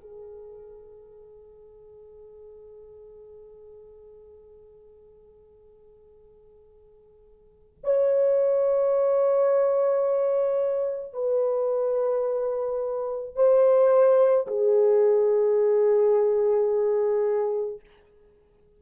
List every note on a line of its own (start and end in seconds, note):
0.00 7.78 G#4
7.83 11.13 C#5
11.13 13.35 B4
13.35 14.46 C5
14.47 17.80 G#4